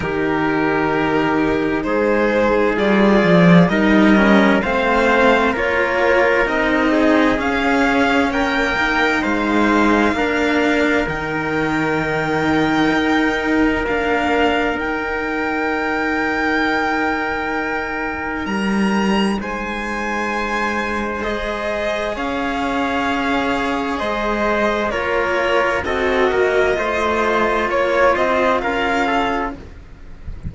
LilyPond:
<<
  \new Staff \with { instrumentName = "violin" } { \time 4/4 \tempo 4 = 65 ais'2 c''4 d''4 | dis''4 f''4 cis''4 dis''4 | f''4 g''4 f''2 | g''2. f''4 |
g''1 | ais''4 gis''2 dis''4 | f''2 dis''4 cis''4 | dis''2 cis''8 dis''8 f''4 | }
  \new Staff \with { instrumentName = "trumpet" } { \time 4/4 g'2 gis'2 | ais'4 c''4 ais'4. gis'8~ | gis'4 ais'4 c''4 ais'4~ | ais'1~ |
ais'1~ | ais'4 c''2. | cis''2 c''4 ais'4 | a'8 ais'8 c''4 cis''8 c''8 ais'8 a'8 | }
  \new Staff \with { instrumentName = "cello" } { \time 4/4 dis'2. f'4 | dis'8 cis'8 c'4 f'4 dis'4 | cis'4. dis'4. d'4 | dis'2. ais4 |
dis'1~ | dis'2. gis'4~ | gis'2. f'4 | fis'4 f'2. | }
  \new Staff \with { instrumentName = "cello" } { \time 4/4 dis2 gis4 g8 f8 | g4 a4 ais4 c'4 | cis'4 ais4 gis4 ais4 | dis2 dis'4 d'4 |
dis'1 | g4 gis2. | cis'2 gis4 ais4 | c'8 ais8 a4 ais8 c'8 cis'4 | }
>>